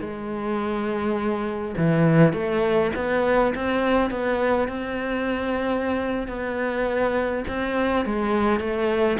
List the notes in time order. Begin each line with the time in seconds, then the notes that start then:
0.00 G#3
1.77 E3
2.32 A3
2.95 B3
3.55 C4
4.10 B3
4.68 C4
6.27 B3
7.47 C4
8.05 G#3
8.59 A3